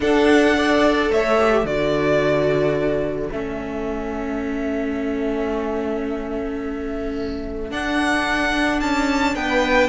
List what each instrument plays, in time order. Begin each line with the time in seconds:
0.00 viola D4, cello D4, violin A4 F#5
0.54 viola A4, violin D5
1.09 cello A3, violin C#5 E5
1.39 viola G4
1.63 cello D3, viola F#4, violin A4 D5
3.31 cello A3, viola C#4, violin E5
7.70 viola D4, cello D4, violin F#5
8.80 cello C#4, violin A5
9.35 cello B3, violin B4 G5